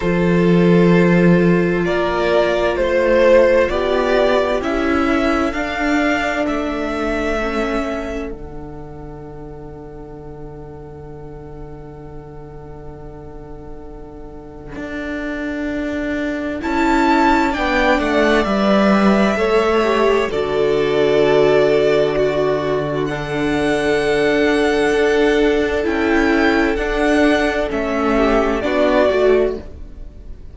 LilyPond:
<<
  \new Staff \with { instrumentName = "violin" } { \time 4/4 \tempo 4 = 65 c''2 d''4 c''4 | d''4 e''4 f''4 e''4~ | e''4 fis''2.~ | fis''1~ |
fis''2 a''4 g''8 fis''8 | e''2 d''2~ | d''4 fis''2. | g''4 fis''4 e''4 d''4 | }
  \new Staff \with { instrumentName = "violin" } { \time 4/4 a'2 ais'4 c''4 | g'4. a'2~ a'8~ | a'1~ | a'1~ |
a'2. d''4~ | d''4 cis''4 a'2 | fis'4 a'2.~ | a'2~ a'8 g'8 fis'4 | }
  \new Staff \with { instrumentName = "viola" } { \time 4/4 f'1~ | f'4 e'4 d'2 | cis'4 d'2.~ | d'1~ |
d'2 e'4 d'4 | b'4 a'8 g'8 fis'2~ | fis'4 d'2. | e'4 d'4 cis'4 d'8 fis'8 | }
  \new Staff \with { instrumentName = "cello" } { \time 4/4 f2 ais4 a4 | b4 cis'4 d'4 a4~ | a4 d2.~ | d1 |
d'2 cis'4 b8 a8 | g4 a4 d2~ | d2. d'4 | cis'4 d'4 a4 b8 a8 | }
>>